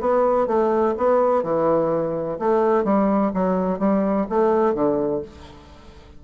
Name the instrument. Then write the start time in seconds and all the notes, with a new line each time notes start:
bassoon
0.00 B3
0.47 A3
0.97 B3
1.43 E3
2.39 A3
2.84 G3
3.34 F#3
3.79 G3
4.29 A3
4.74 D3